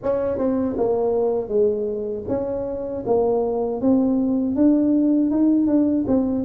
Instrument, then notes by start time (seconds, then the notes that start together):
tuba
0.02 C#4
0.38 C4
0.77 A#3
1.48 G#3
2.28 C#4
3.06 A#3
3.81 C4
4.55 D4
5.30 D#4
5.67 D4
6.07 C4